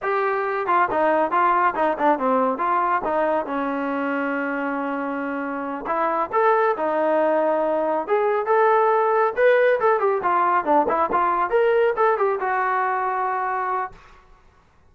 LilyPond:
\new Staff \with { instrumentName = "trombone" } { \time 4/4 \tempo 4 = 138 g'4. f'8 dis'4 f'4 | dis'8 d'8 c'4 f'4 dis'4 | cis'1~ | cis'4. e'4 a'4 dis'8~ |
dis'2~ dis'8 gis'4 a'8~ | a'4. b'4 a'8 g'8 f'8~ | f'8 d'8 e'8 f'4 ais'4 a'8 | g'8 fis'2.~ fis'8 | }